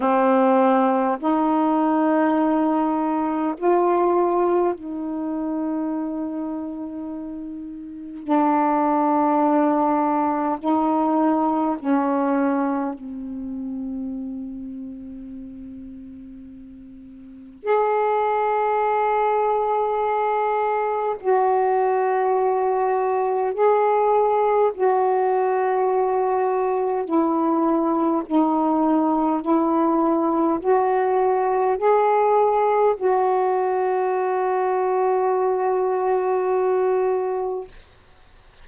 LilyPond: \new Staff \with { instrumentName = "saxophone" } { \time 4/4 \tempo 4 = 51 c'4 dis'2 f'4 | dis'2. d'4~ | d'4 dis'4 cis'4 c'4~ | c'2. gis'4~ |
gis'2 fis'2 | gis'4 fis'2 e'4 | dis'4 e'4 fis'4 gis'4 | fis'1 | }